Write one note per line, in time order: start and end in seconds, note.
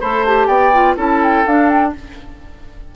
0.00 0.47 A3
0.00 0.25 A4
0.00 0.47 C5
0.00 0.24 B5
0.25 0.73 G4
0.25 0.47 A5
0.47 0.95 B3
0.47 0.95 D5
0.47 0.95 G5
0.73 0.97 F4
0.96 1.45 C#4
0.96 1.45 E4
0.96 1.92 A4
0.96 1.23 A5
1.23 1.47 G5
1.46 1.94 D4
1.46 1.95 D4
1.46 1.69 F5
1.69 1.93 G5